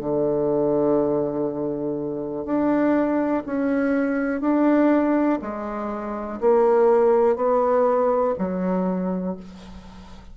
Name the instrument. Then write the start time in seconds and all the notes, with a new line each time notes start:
bassoon
0.00 D3
2.45 D4
3.46 C#4
4.41 D4
5.42 G#3
6.41 A#3
7.36 B3
8.39 F#3